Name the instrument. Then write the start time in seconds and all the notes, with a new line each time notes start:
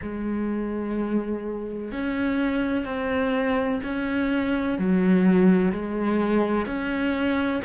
cello
0.02 G#3
1.91 C#4
2.85 C4
3.83 C#4
4.78 F#3
5.71 G#3
6.66 C#4